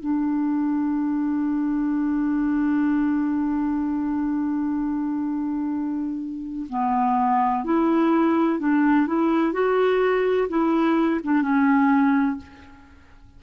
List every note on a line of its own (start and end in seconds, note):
0.00 6.67 D4
6.69 7.64 B3
7.64 8.59 E4
8.59 9.06 D4
9.06 9.52 E4
9.52 10.48 F#4
10.49 11.20 E4
11.23 11.42 D4
11.42 12.37 C#4